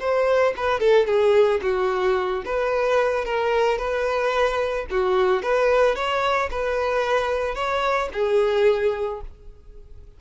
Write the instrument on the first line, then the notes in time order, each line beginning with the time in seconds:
violin
0.00 C5
0.57 B4
0.80 A4
1.07 G#4
1.62 F#4
2.46 B4
3.25 A#4
3.79 B4
4.91 F#4
5.43 B4
5.96 C#5
6.51 B4
7.55 C#5
8.13 G#4